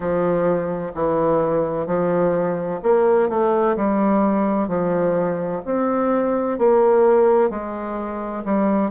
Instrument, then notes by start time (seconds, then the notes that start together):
bassoon
0.00 F3
0.94 E3
1.86 F3
2.82 A#3
3.29 A3
3.76 G3
4.67 F3
5.65 C4
6.58 A#3
7.50 G#3
8.45 G3